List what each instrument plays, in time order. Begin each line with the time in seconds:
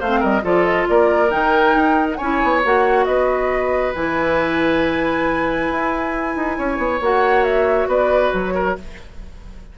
0.00 bassoon A3, clarinet C4, oboe C5, flute F5
0.20 bassoon G3, oboe A#4, flute D#5
0.42 bassoon F3, clarinet F4, oboe A4, flute D5
0.64 flute D#5
0.89 bassoon A#3, oboe A#4, flute D5
1.29 bassoon D#3, clarinet D#4, flute G5
1.75 bassoon D#4
2.13 oboe C#5, flute F#5 G#5
2.20 bassoon C#4, clarinet E4
2.43 bassoon B3
2.64 bassoon A#3, clarinet F#4, flute F#5
3.05 bassoon B3, oboe B4, flute D#5
3.95 bassoon E3, clarinet E4, flute G#5
5.70 bassoon E4
6.36 bassoon D#4
6.58 bassoon C#4, oboe C#5
6.78 bassoon B3
7.01 bassoon A#3, clarinet F#4, flute F#5
7.44 flute E5
7.87 bassoon B3, oboe B4, flute D5
8.34 bassoon F#3, flute C#5
8.55 oboe A#4